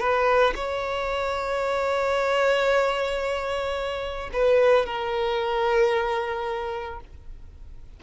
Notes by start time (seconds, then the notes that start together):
0.00 B4
0.56 C#5
4.33 B4
4.86 A#4